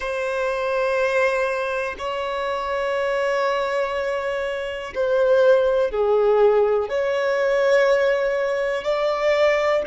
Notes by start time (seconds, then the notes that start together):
0.00 C5
1.98 C#5
4.94 C5
5.91 G#4
6.89 C#5
8.83 D5